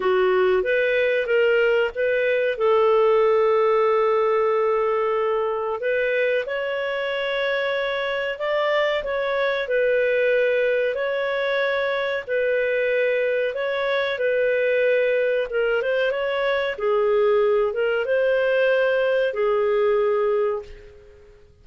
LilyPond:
\new Staff \with { instrumentName = "clarinet" } { \time 4/4 \tempo 4 = 93 fis'4 b'4 ais'4 b'4 | a'1~ | a'4 b'4 cis''2~ | cis''4 d''4 cis''4 b'4~ |
b'4 cis''2 b'4~ | b'4 cis''4 b'2 | ais'8 c''8 cis''4 gis'4. ais'8 | c''2 gis'2 | }